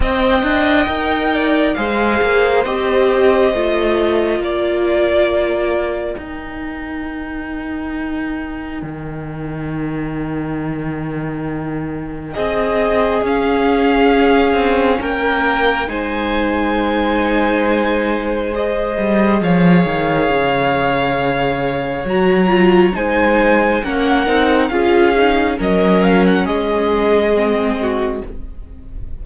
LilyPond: <<
  \new Staff \with { instrumentName = "violin" } { \time 4/4 \tempo 4 = 68 g''2 f''4 dis''4~ | dis''4 d''2 g''4~ | g''1~ | g''2 dis''4 f''4~ |
f''4 g''4 gis''2~ | gis''4 dis''4 f''2~ | f''4 ais''4 gis''4 fis''4 | f''4 dis''8 f''16 fis''16 dis''2 | }
  \new Staff \with { instrumentName = "violin" } { \time 4/4 dis''4. d''8 c''2~ | c''4 ais'2.~ | ais'1~ | ais'2 gis'2~ |
gis'4 ais'4 c''2~ | c''2 cis''2~ | cis''2 c''4 ais'4 | gis'4 ais'4 gis'4. fis'8 | }
  \new Staff \with { instrumentName = "viola" } { \time 4/4 c''4 ais'4 gis'4 g'4 | f'2. dis'4~ | dis'1~ | dis'2. cis'4~ |
cis'2 dis'2~ | dis'4 gis'2.~ | gis'4 fis'8 f'8 dis'4 cis'8 dis'8 | f'8 dis'8 cis'2 c'4 | }
  \new Staff \with { instrumentName = "cello" } { \time 4/4 c'8 d'8 dis'4 gis8 ais8 c'4 | a4 ais2 dis'4~ | dis'2 dis2~ | dis2 c'4 cis'4~ |
cis'8 c'8 ais4 gis2~ | gis4. g8 f8 dis8 cis4~ | cis4 fis4 gis4 ais8 c'8 | cis'4 fis4 gis2 | }
>>